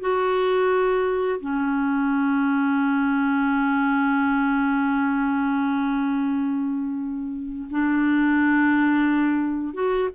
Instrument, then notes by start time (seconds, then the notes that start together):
clarinet
0.00 F#4
1.40 C#4
7.71 D4
9.74 F#4